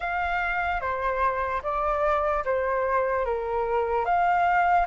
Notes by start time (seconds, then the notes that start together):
0.00 F5
0.80 C5
1.63 D5
2.45 C5
3.25 A#4
4.05 F5